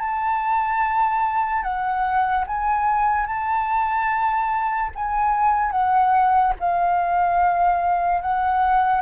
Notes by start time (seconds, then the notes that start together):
0.00 A5
1.63 F#5
2.47 G#5
3.27 A5
4.95 G#5
5.72 F#5
6.60 F5
8.22 F#5